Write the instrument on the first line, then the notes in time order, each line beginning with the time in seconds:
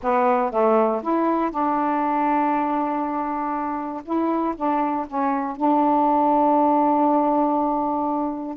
saxophone
0.02 B3
0.51 A3
1.02 E4
1.50 D4
4.04 E4
4.56 D4
5.07 C#4
5.56 D4